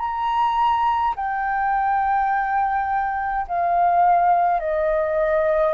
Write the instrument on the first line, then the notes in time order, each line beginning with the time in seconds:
flute
0.00 A#5
1.16 G5
3.48 F5
4.60 D#5